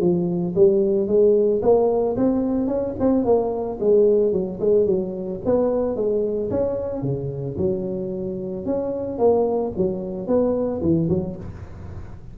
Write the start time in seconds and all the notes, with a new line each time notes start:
0.00 F3
0.55 G3
1.07 G#3
1.62 A#3
2.17 C4
2.67 C#4
3.00 C4
3.25 A#3
3.80 G#3
4.33 F#3
4.60 G#3
4.86 F#3
5.45 B3
5.96 G#3
6.51 C#4
7.02 C#3
7.58 F#3
8.66 C#4
9.19 A#3
9.77 F#3
10.27 B3
10.82 E3
11.09 F#3